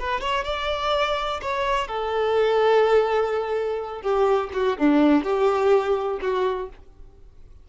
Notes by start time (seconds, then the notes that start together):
0.00 B4
0.21 C#5
0.45 D5
1.42 C#5
1.88 A4
4.02 G4
4.54 F#4
4.78 D4
5.24 G4
6.21 F#4